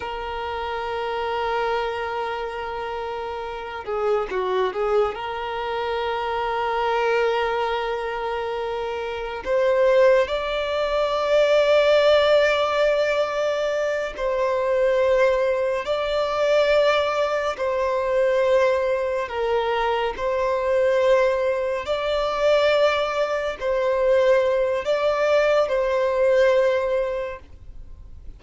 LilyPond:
\new Staff \with { instrumentName = "violin" } { \time 4/4 \tempo 4 = 70 ais'1~ | ais'8 gis'8 fis'8 gis'8 ais'2~ | ais'2. c''4 | d''1~ |
d''8 c''2 d''4.~ | d''8 c''2 ais'4 c''8~ | c''4. d''2 c''8~ | c''4 d''4 c''2 | }